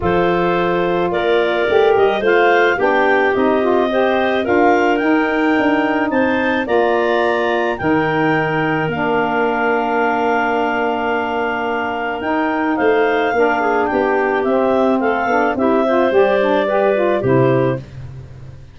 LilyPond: <<
  \new Staff \with { instrumentName = "clarinet" } { \time 4/4 \tempo 4 = 108 c''2 d''4. dis''8 | f''4 g''4 dis''2 | f''4 g''2 a''4 | ais''2 g''2 |
f''1~ | f''2 g''4 f''4~ | f''4 g''4 e''4 f''4 | e''4 d''2 c''4 | }
  \new Staff \with { instrumentName = "clarinet" } { \time 4/4 a'2 ais'2 | c''4 g'2 c''4 | ais'2. c''4 | d''2 ais'2~ |
ais'1~ | ais'2. c''4 | ais'8 gis'8 g'2 a'4 | g'8 c''4. b'4 g'4 | }
  \new Staff \with { instrumentName = "saxophone" } { \time 4/4 f'2. g'4 | f'4 d'4 dis'8 f'8 g'4 | f'4 dis'2. | f'2 dis'2 |
d'1~ | d'2 dis'2 | d'2 c'4. d'8 | e'8 f'8 g'8 d'8 g'8 f'8 e'4 | }
  \new Staff \with { instrumentName = "tuba" } { \time 4/4 f2 ais4 a8 g8 | a4 b4 c'2 | d'4 dis'4 d'4 c'4 | ais2 dis2 |
ais1~ | ais2 dis'4 a4 | ais4 b4 c'4 a8 b8 | c'4 g2 c4 | }
>>